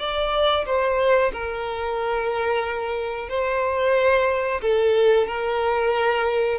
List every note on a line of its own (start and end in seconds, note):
0.00 0.66 D5
0.66 1.32 C5
1.33 3.29 A#4
3.29 4.61 C5
4.62 5.28 A4
5.28 6.59 A#4